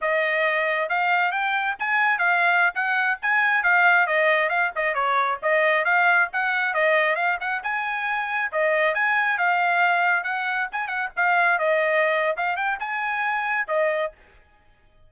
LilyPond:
\new Staff \with { instrumentName = "trumpet" } { \time 4/4 \tempo 4 = 136 dis''2 f''4 g''4 | gis''4 f''4~ f''16 fis''4 gis''8.~ | gis''16 f''4 dis''4 f''8 dis''8 cis''8.~ | cis''16 dis''4 f''4 fis''4 dis''8.~ |
dis''16 f''8 fis''8 gis''2 dis''8.~ | dis''16 gis''4 f''2 fis''8.~ | fis''16 gis''8 fis''8 f''4 dis''4.~ dis''16 | f''8 g''8 gis''2 dis''4 | }